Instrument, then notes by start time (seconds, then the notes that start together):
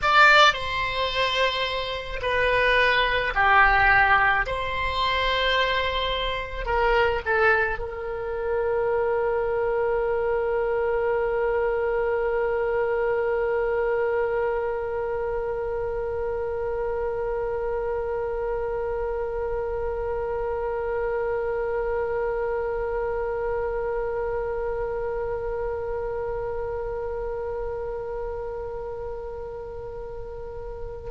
oboe
0.02 D5
0.53 C5
2.22 B4
3.34 G4
4.46 C5
6.65 A#4
7.25 A4
7.78 A#4